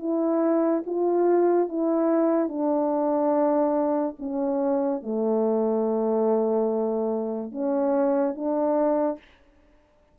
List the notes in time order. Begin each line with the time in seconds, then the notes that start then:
0.00 E4
0.87 F4
1.69 E4
2.49 D4
4.20 C#4
5.03 A3
7.52 C#4
8.35 D4